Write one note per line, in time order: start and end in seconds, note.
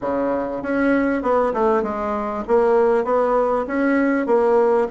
0.01 0.62 C#3
0.62 1.22 C#4
1.22 1.53 B3
1.53 1.82 A3
1.82 2.44 G#3
2.47 3.04 A#3
3.04 3.65 B3
3.67 4.26 C#4
4.26 4.87 A#3